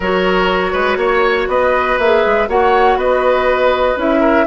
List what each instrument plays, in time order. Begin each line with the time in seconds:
0.00 bassoon F#3, clarinet F#4, oboe A#4, flute C#5
0.72 bassoon G#3, oboe B4
0.97 bassoon A#3, oboe C#5
1.47 bassoon B3, oboe B4, flute D#5
1.98 bassoon A#3, clarinet G#4, flute E5
2.25 bassoon G#3
2.47 bassoon A#3, clarinet F#4, oboe C#5, flute F#5
2.95 bassoon B3, oboe B4, flute D#5
3.96 bassoon C#4, clarinet E4, flute E5
4.20 oboe A#4